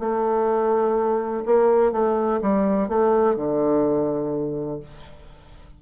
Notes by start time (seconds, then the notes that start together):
0.00 A3
1.46 A#3
1.92 A3
2.42 G3
2.89 A3
3.36 D3